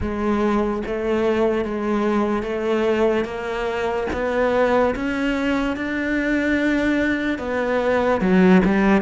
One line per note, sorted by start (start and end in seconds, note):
0.00 0.83 G#3
0.86 1.64 A3
1.64 2.42 G#3
2.42 3.25 A3
3.25 4.07 A#3
4.12 4.95 B3
4.95 5.76 C#4
5.76 7.38 D4
7.38 8.20 B3
8.20 8.61 F#3
8.64 9.01 G3